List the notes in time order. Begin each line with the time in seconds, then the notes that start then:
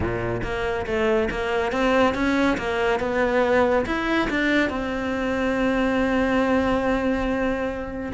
0.00 A#2
0.43 A#3
0.86 A3
1.30 A#3
1.72 C4
2.14 C#4
2.57 A#3
2.99 B3
3.86 E4
4.30 D4
4.69 C4